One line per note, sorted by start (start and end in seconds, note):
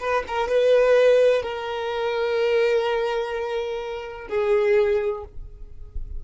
0.00 0.24 B4
0.28 0.48 A#4
0.48 1.43 B4
1.43 4.29 A#4
4.29 5.24 G#4